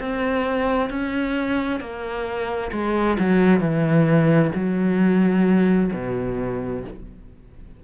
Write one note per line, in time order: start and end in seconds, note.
0.00 0.90 C4
0.90 1.80 C#4
1.80 2.71 A#3
2.72 3.17 G#3
3.19 3.60 F#3
3.60 4.51 E3
4.55 5.91 F#3
5.93 6.84 B2